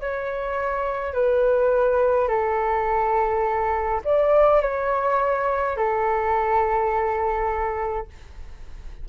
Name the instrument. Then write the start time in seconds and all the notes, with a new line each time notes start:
flute
0.00 C#5
1.13 B4
2.28 A4
4.04 D5
4.62 C#5
5.77 A4